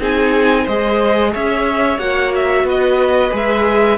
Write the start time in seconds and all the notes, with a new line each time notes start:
0.00 C4 D#4 G#4 G#5
0.64 G#3 G#4 C5 D#5
1.33 C#4 C#5 E5
1.98 A#3 F#4 F#5
2.35 E5
2.64 B3 B4 D#5
3.31 G#3 G#4 E5